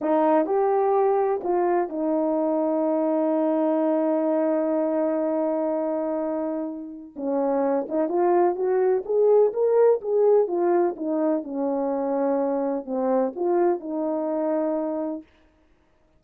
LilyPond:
\new Staff \with { instrumentName = "horn" } { \time 4/4 \tempo 4 = 126 dis'4 g'2 f'4 | dis'1~ | dis'1~ | dis'2. cis'4~ |
cis'8 dis'8 f'4 fis'4 gis'4 | ais'4 gis'4 f'4 dis'4 | cis'2. c'4 | f'4 dis'2. | }